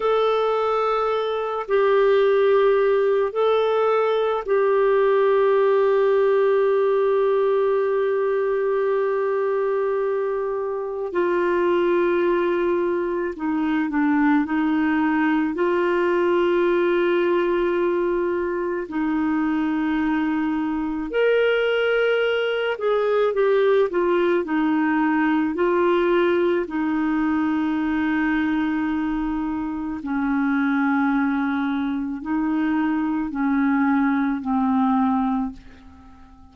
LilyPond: \new Staff \with { instrumentName = "clarinet" } { \time 4/4 \tempo 4 = 54 a'4. g'4. a'4 | g'1~ | g'2 f'2 | dis'8 d'8 dis'4 f'2~ |
f'4 dis'2 ais'4~ | ais'8 gis'8 g'8 f'8 dis'4 f'4 | dis'2. cis'4~ | cis'4 dis'4 cis'4 c'4 | }